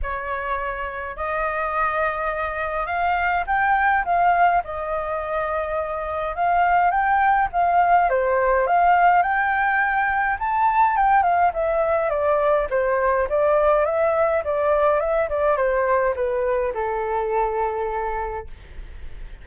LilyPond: \new Staff \with { instrumentName = "flute" } { \time 4/4 \tempo 4 = 104 cis''2 dis''2~ | dis''4 f''4 g''4 f''4 | dis''2. f''4 | g''4 f''4 c''4 f''4 |
g''2 a''4 g''8 f''8 | e''4 d''4 c''4 d''4 | e''4 d''4 e''8 d''8 c''4 | b'4 a'2. | }